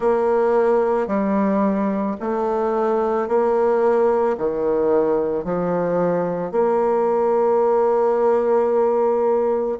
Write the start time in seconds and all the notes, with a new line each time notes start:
0.00 A#3
1.07 G3
2.20 A3
3.27 A#3
4.37 D#3
5.44 F3
6.51 A#3